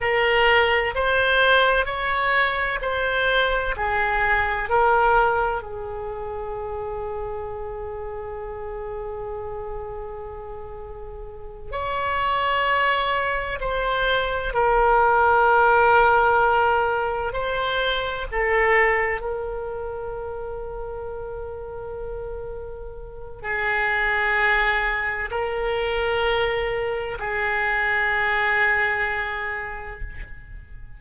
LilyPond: \new Staff \with { instrumentName = "oboe" } { \time 4/4 \tempo 4 = 64 ais'4 c''4 cis''4 c''4 | gis'4 ais'4 gis'2~ | gis'1~ | gis'8 cis''2 c''4 ais'8~ |
ais'2~ ais'8 c''4 a'8~ | a'8 ais'2.~ ais'8~ | ais'4 gis'2 ais'4~ | ais'4 gis'2. | }